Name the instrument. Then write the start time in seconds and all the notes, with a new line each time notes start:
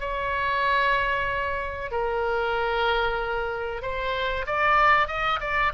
oboe
0.00 C#5
1.91 A#4
3.82 C5
4.47 D5
5.07 D#5
5.41 D5